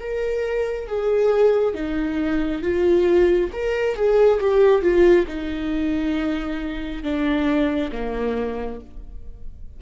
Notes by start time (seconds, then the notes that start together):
0.00 A#4
0.88 G#4
1.74 D#4
2.63 F4
3.53 A#4
3.96 G#4
4.40 G4
4.82 F4
5.28 D#4
7.03 D4
7.92 A#3